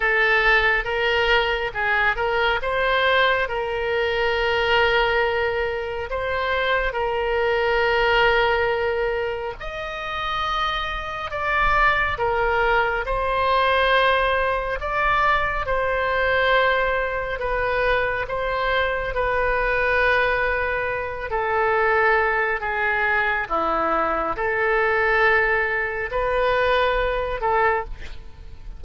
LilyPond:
\new Staff \with { instrumentName = "oboe" } { \time 4/4 \tempo 4 = 69 a'4 ais'4 gis'8 ais'8 c''4 | ais'2. c''4 | ais'2. dis''4~ | dis''4 d''4 ais'4 c''4~ |
c''4 d''4 c''2 | b'4 c''4 b'2~ | b'8 a'4. gis'4 e'4 | a'2 b'4. a'8 | }